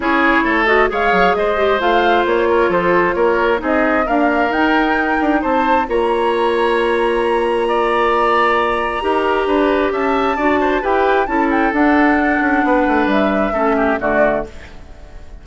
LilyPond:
<<
  \new Staff \with { instrumentName = "flute" } { \time 4/4 \tempo 4 = 133 cis''4. dis''8 f''4 dis''4 | f''4 cis''4 c''4 cis''4 | dis''4 f''4 g''2 | a''4 ais''2.~ |
ais''1~ | ais''2 a''2 | g''4 a''8 g''8 fis''2~ | fis''4 e''2 d''4 | }
  \new Staff \with { instrumentName = "oboe" } { \time 4/4 gis'4 a'4 cis''4 c''4~ | c''4. ais'8 a'4 ais'4 | gis'4 ais'2. | c''4 cis''2.~ |
cis''4 d''2. | ais'4 b'4 e''4 d''8 c''8 | b'4 a'2. | b'2 a'8 g'8 fis'4 | }
  \new Staff \with { instrumentName = "clarinet" } { \time 4/4 e'4. fis'8 gis'4. g'8 | f'1 | dis'4 ais4 dis'2~ | dis'4 f'2.~ |
f'1 | g'2. fis'4 | g'4 e'4 d'2~ | d'2 cis'4 a4 | }
  \new Staff \with { instrumentName = "bassoon" } { \time 4/4 cis'4 a4 gis8 fis8 gis4 | a4 ais4 f4 ais4 | c'4 d'4 dis'4. d'8 | c'4 ais2.~ |
ais1 | dis'4 d'4 cis'4 d'4 | e'4 cis'4 d'4. cis'8 | b8 a8 g4 a4 d4 | }
>>